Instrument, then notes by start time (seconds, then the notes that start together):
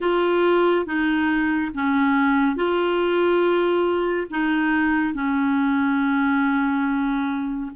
clarinet
0.00 F4
0.86 D#4
1.74 C#4
2.56 F4
4.30 D#4
5.14 C#4